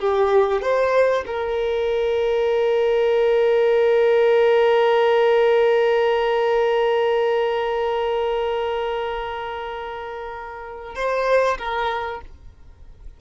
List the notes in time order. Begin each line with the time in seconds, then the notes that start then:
0.00 G4
0.62 C5
1.27 A#4
10.95 C5
11.59 A#4